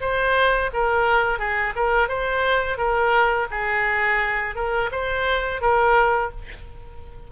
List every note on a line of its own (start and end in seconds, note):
0.00 0.70 C5
0.73 1.39 A#4
1.39 1.73 G#4
1.75 2.08 A#4
2.08 2.77 C5
2.77 3.47 A#4
3.50 4.55 G#4
4.55 4.90 A#4
4.91 5.61 C5
5.61 6.30 A#4